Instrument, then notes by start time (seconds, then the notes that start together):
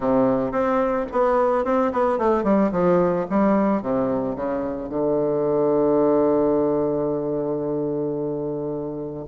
bassoon
0.00 C3
0.51 C4
1.12 B3
1.64 C4
1.92 B3
2.18 A3
2.43 G3
2.71 F3
3.30 G3
3.82 C3
4.35 C#3
4.89 D3